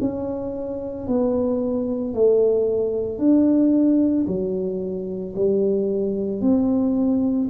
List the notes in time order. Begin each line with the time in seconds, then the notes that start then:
0.00 C#4
1.07 B3
2.14 A3
3.18 D4
4.27 F#3
5.35 G3
6.41 C4